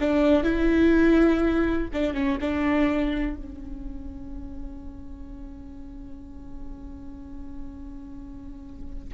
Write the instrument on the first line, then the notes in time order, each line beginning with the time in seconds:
viola
0.00 D4
0.44 E4
1.93 D4
2.14 C#4
2.41 D4
3.37 C#4